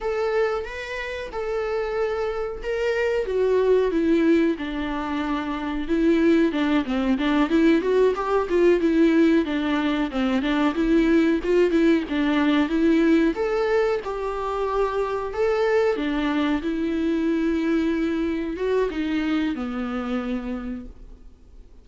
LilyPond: \new Staff \with { instrumentName = "viola" } { \time 4/4 \tempo 4 = 92 a'4 b'4 a'2 | ais'4 fis'4 e'4 d'4~ | d'4 e'4 d'8 c'8 d'8 e'8 | fis'8 g'8 f'8 e'4 d'4 c'8 |
d'8 e'4 f'8 e'8 d'4 e'8~ | e'8 a'4 g'2 a'8~ | a'8 d'4 e'2~ e'8~ | e'8 fis'8 dis'4 b2 | }